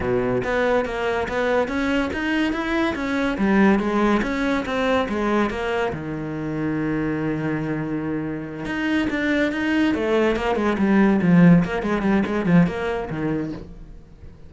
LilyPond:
\new Staff \with { instrumentName = "cello" } { \time 4/4 \tempo 4 = 142 b,4 b4 ais4 b4 | cis'4 dis'4 e'4 cis'4 | g4 gis4 cis'4 c'4 | gis4 ais4 dis2~ |
dis1~ | dis8 dis'4 d'4 dis'4 a8~ | a8 ais8 gis8 g4 f4 ais8 | gis8 g8 gis8 f8 ais4 dis4 | }